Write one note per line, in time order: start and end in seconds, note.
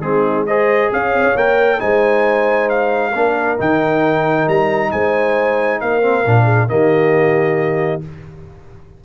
0.00 0.89 G#3
0.00 0.46 C4
0.00 0.47 D#4
0.00 0.45 G#4
0.46 1.37 G#4
0.46 0.91 C5
0.46 0.90 D#5
0.92 1.14 C#4
0.92 1.81 C#5
0.92 1.37 F5
1.14 1.23 C4
1.23 1.34 C#4
1.35 1.80 A#3
1.35 1.78 A#4
1.35 1.80 G5
1.78 3.14 G#3
1.78 3.12 D#4
1.78 3.11 C5
1.78 2.69 G#5
2.69 3.58 F5
3.11 3.58 A#3
3.11 3.57 D4
3.11 4.89 A#4
3.57 4.47 D#3
3.57 6.02 D#4
3.57 4.48 G5
4.47 4.92 G3
4.47 4.91 A#5
4.91 5.81 G#3
4.91 5.81 C5
4.91 5.80 G#5
5.80 6.26 A#3
5.80 6.44 A#4
5.80 6.68 F5
6.02 6.24 C4
6.26 6.69 A#2
6.26 6.68 D4
6.44 6.66 G#4
6.68 8.03 D#3
6.68 8.01 A#3
6.68 8.04 G4
6.68 8.02 D#5